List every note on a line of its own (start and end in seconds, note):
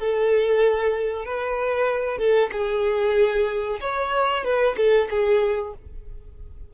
0.00 1.26 A4
1.26 2.19 B4
2.19 2.51 A4
2.53 3.80 G#4
3.81 4.44 C#5
4.44 4.76 B4
4.77 5.09 A4
5.11 5.74 G#4